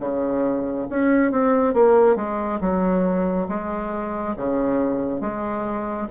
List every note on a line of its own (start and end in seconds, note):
0.00 0.87 C#3
0.89 1.32 C#4
1.32 1.74 C4
1.74 2.16 A#3
2.16 2.59 G#3
2.60 3.47 F#3
3.48 4.35 G#3
4.37 5.21 C#3
5.21 6.08 G#3